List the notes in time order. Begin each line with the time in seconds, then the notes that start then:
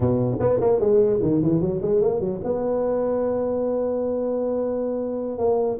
0.00 B2
0.40 B3
0.60 A#3
0.79 G#3
1.22 D#3
1.42 E3
1.61 F#3
1.81 G#3
2.01 A#3
2.19 F#3
2.43 B3
5.38 A#3